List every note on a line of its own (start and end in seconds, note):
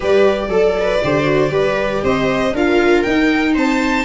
0.00 0.49 G3
0.00 0.49 G4
0.00 0.48 B4
0.00 2.05 D5
0.49 0.99 F#3
0.49 1.00 A4
0.49 0.75 A4
0.80 1.04 B4
1.03 1.50 D3
1.03 1.23 G4
1.03 1.51 C5
1.23 1.48 F#4
1.50 2.01 G3
1.50 2.52 G4
1.50 2.02 B4
2.03 2.53 C4
2.03 2.53 C5
2.03 2.55 D#5
2.53 3.04 D4
2.53 3.06 F4
2.53 3.53 A#4
2.53 3.03 F5
3.03 3.56 D#4
3.03 4.05 D#4
3.03 3.53 G5
3.53 4.05 C4
3.53 4.04 C5
3.53 4.05 A5